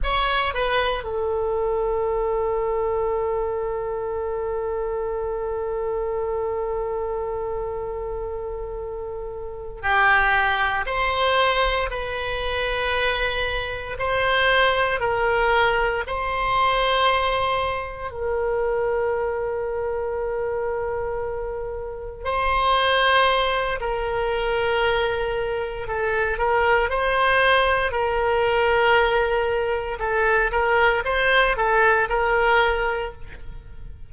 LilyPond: \new Staff \with { instrumentName = "oboe" } { \time 4/4 \tempo 4 = 58 cis''8 b'8 a'2.~ | a'1~ | a'4. g'4 c''4 b'8~ | b'4. c''4 ais'4 c''8~ |
c''4. ais'2~ ais'8~ | ais'4. c''4. ais'4~ | ais'4 a'8 ais'8 c''4 ais'4~ | ais'4 a'8 ais'8 c''8 a'8 ais'4 | }